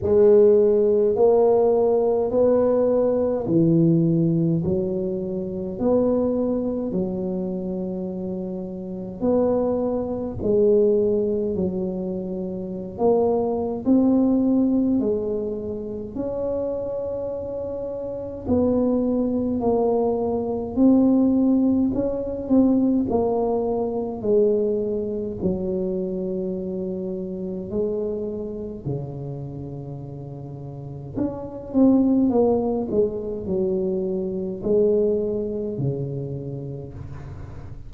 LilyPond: \new Staff \with { instrumentName = "tuba" } { \time 4/4 \tempo 4 = 52 gis4 ais4 b4 e4 | fis4 b4 fis2 | b4 gis4 fis4~ fis16 ais8. | c'4 gis4 cis'2 |
b4 ais4 c'4 cis'8 c'8 | ais4 gis4 fis2 | gis4 cis2 cis'8 c'8 | ais8 gis8 fis4 gis4 cis4 | }